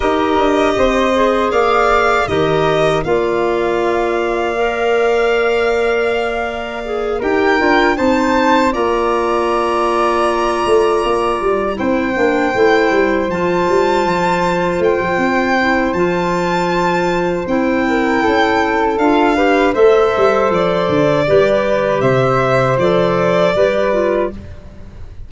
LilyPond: <<
  \new Staff \with { instrumentName = "violin" } { \time 4/4 \tempo 4 = 79 dis''2 f''4 dis''4 | f''1~ | f''4. g''4 a''4 ais''8~ | ais''2.~ ais''8 g''8~ |
g''4. a''2 g''8~ | g''4 a''2 g''4~ | g''4 f''4 e''4 d''4~ | d''4 e''4 d''2 | }
  \new Staff \with { instrumentName = "flute" } { \time 4/4 ais'4 c''4 d''4 ais'4 | d''1~ | d''4. ais'4 c''4 d''8~ | d''2.~ d''8 c''8~ |
c''1~ | c''2.~ c''8 ais'8 | a'4. b'8 c''2 | b'4 c''2 b'4 | }
  \new Staff \with { instrumentName = "clarinet" } { \time 4/4 g'4. gis'4. g'4 | f'2 ais'2~ | ais'4 gis'8 g'8 f'8 dis'4 f'8~ | f'2.~ f'8 e'8 |
d'8 e'4 f'2~ f'8~ | f'8 e'8 f'2 e'4~ | e'4 f'8 g'8 a'2 | g'2 a'4 g'8 f'8 | }
  \new Staff \with { instrumentName = "tuba" } { \time 4/4 dis'8 d'8 c'4 ais4 dis4 | ais1~ | ais4. dis'8 d'8 c'4 ais8~ | ais2 a8 ais8 g8 c'8 |
ais8 a8 g8 f8 g8 f4 a16 f16 | c'4 f2 c'4 | cis'4 d'4 a8 g8 f8 d8 | g4 c4 f4 g4 | }
>>